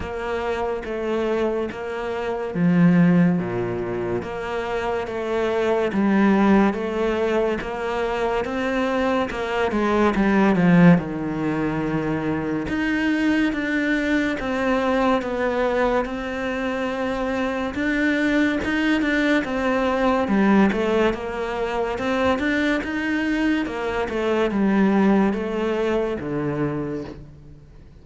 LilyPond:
\new Staff \with { instrumentName = "cello" } { \time 4/4 \tempo 4 = 71 ais4 a4 ais4 f4 | ais,4 ais4 a4 g4 | a4 ais4 c'4 ais8 gis8 | g8 f8 dis2 dis'4 |
d'4 c'4 b4 c'4~ | c'4 d'4 dis'8 d'8 c'4 | g8 a8 ais4 c'8 d'8 dis'4 | ais8 a8 g4 a4 d4 | }